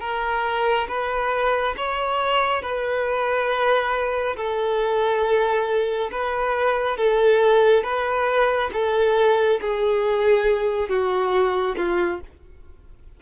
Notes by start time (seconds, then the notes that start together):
0.00 A#4
0.88 B4
1.77 C#5
2.62 B4
4.36 A4
6.11 B4
6.97 A4
7.83 B4
8.73 A4
9.61 G#4
10.89 F#4
11.76 F4